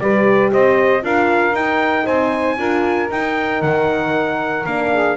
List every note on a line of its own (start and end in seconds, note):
0.00 0.52 G3
0.00 1.02 G4
0.00 0.52 B4
0.00 0.52 D5
0.52 1.04 C4
0.52 1.04 C5
0.52 1.05 D#5
1.02 1.52 D4
1.02 1.54 F4
1.02 2.05 A#4
1.02 1.56 F5
1.52 2.04 D#4
1.52 2.58 D#4
1.52 2.07 G5
2.05 2.58 C4
2.05 2.57 C5
2.05 3.10 G#5
2.58 3.10 D4
2.58 3.09 F4
2.58 4.92 A#4
3.10 3.62 D#4
3.10 4.67 D#4
3.10 3.62 G5
3.62 4.66 D#3
3.62 4.66 F#5
4.66 5.17 A#3
4.66 5.17 D4
4.66 5.17 F5
4.92 5.17 G#4